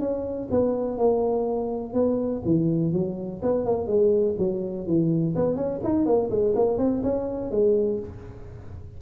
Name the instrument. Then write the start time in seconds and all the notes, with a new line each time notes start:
tuba
0.00 C#4
0.51 B3
0.98 A#3
1.93 B3
2.45 E3
2.93 F#3
3.42 B3
3.66 A#3
3.87 G#3
4.38 F#3
4.87 E3
5.35 B3
5.56 C#4
5.84 D#4
6.06 A#3
6.30 G#3
6.55 A#3
6.78 C4
7.03 C#4
7.51 G#3